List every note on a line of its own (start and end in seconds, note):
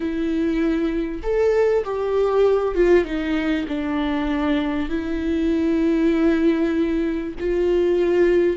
0.00 1.22 E4
1.22 1.84 A4
1.84 2.74 G4
2.74 3.04 F4
3.04 3.66 D#4
3.67 4.89 D4
4.89 7.34 E4
7.39 8.57 F4